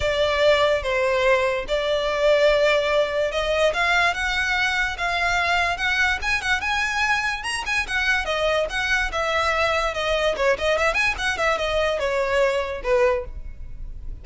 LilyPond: \new Staff \with { instrumentName = "violin" } { \time 4/4 \tempo 4 = 145 d''2 c''2 | d''1 | dis''4 f''4 fis''2 | f''2 fis''4 gis''8 fis''8 |
gis''2 ais''8 gis''8 fis''4 | dis''4 fis''4 e''2 | dis''4 cis''8 dis''8 e''8 gis''8 fis''8 e''8 | dis''4 cis''2 b'4 | }